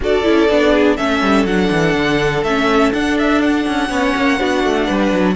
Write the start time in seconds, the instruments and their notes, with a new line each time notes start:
0.00 cello D4, viola F#4, violin A4 D5
0.23 cello C#4, viola E4
0.49 cello B3, viola D4
0.71 violin G#4
0.96 cello A3, viola C#4, violin A4 E5
1.21 cello G3
1.44 cello F#3, viola D4, violin F#5
1.71 cello E3
1.95 cello D3
2.43 cello A3, viola C#4, violin E5
2.93 cello D4, viola D4, violin F#5
3.18 violin E5
3.41 violin F#5
3.67 cello C#4
3.89 cello B3, viola C#4, violin C#5
4.16 cello A#3
4.39 cello B3, viola D4, violin F#4
4.64 cello A3
4.86 cello G3, violin B4
5.12 cello F#3